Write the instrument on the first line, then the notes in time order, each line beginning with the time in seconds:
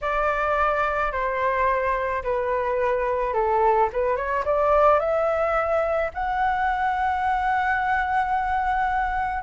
flute
0.01 D5
1.11 C5
2.23 B4
3.33 A4
3.93 B4
4.16 C#5
4.45 D5
4.99 E5
6.14 F#5